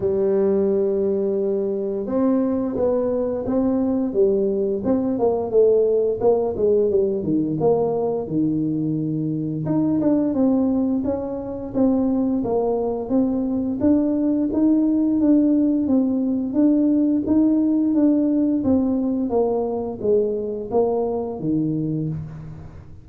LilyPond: \new Staff \with { instrumentName = "tuba" } { \time 4/4 \tempo 4 = 87 g2. c'4 | b4 c'4 g4 c'8 ais8 | a4 ais8 gis8 g8 dis8 ais4 | dis2 dis'8 d'8 c'4 |
cis'4 c'4 ais4 c'4 | d'4 dis'4 d'4 c'4 | d'4 dis'4 d'4 c'4 | ais4 gis4 ais4 dis4 | }